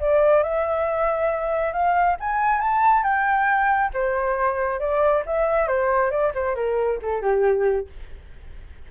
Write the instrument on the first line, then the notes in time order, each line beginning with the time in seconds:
flute
0.00 D5
0.44 E5
1.73 F5
2.21 G#5
2.61 A5
3.04 G5
3.94 C5
4.80 D5
5.27 E5
5.68 C5
6.11 D5
6.35 C5
6.56 A#4
7.03 A4
7.22 G4